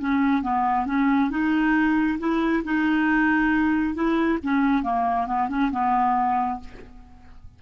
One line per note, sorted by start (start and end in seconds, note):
0.00 0.43 C#4
0.43 0.86 B3
0.86 1.30 C#4
1.31 2.19 D#4
2.19 2.64 E4
2.64 3.95 D#4
3.95 4.39 E4
4.43 4.83 C#4
4.83 5.27 A#3
5.27 5.49 B3
5.49 5.72 C#4
5.72 6.60 B3